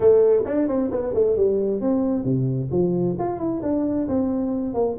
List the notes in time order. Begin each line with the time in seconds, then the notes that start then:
0.00 A3
0.45 D4
0.68 C4
0.91 B3
1.14 A3
1.36 G3
1.80 C4
2.24 C3
2.71 F3
3.18 F4
3.38 E4
3.62 D4
4.08 C4
4.73 A#3